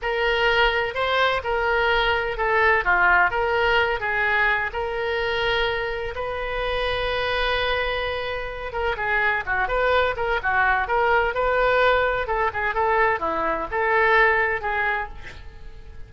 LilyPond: \new Staff \with { instrumentName = "oboe" } { \time 4/4 \tempo 4 = 127 ais'2 c''4 ais'4~ | ais'4 a'4 f'4 ais'4~ | ais'8 gis'4. ais'2~ | ais'4 b'2.~ |
b'2~ b'8 ais'8 gis'4 | fis'8 b'4 ais'8 fis'4 ais'4 | b'2 a'8 gis'8 a'4 | e'4 a'2 gis'4 | }